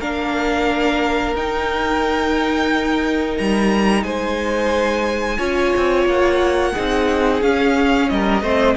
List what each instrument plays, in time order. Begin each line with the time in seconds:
0.00 cello A#3, viola D4, violin A#4 F5
1.34 cello D#4, viola D#4, violin G5
3.38 cello G3, violin A#5
4.04 cello G#3, violin C5 G#5
5.38 cello C#4, viola F4, violin C#5
5.77 cello C4
6.06 cello A#3, violin F#5
6.73 cello C4, viola D#4, violin G#4
7.42 viola C#4, cello C#4, violin F5
8.10 cello G3, violin A#4 D#5
8.42 cello A3, viola C4, violin C5